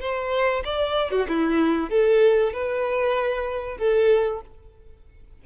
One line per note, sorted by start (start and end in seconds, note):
0.00 0.63 C5
0.65 1.11 D5
1.11 1.27 F#4
1.28 1.90 E4
1.90 2.53 A4
2.53 3.78 B4
3.78 4.41 A4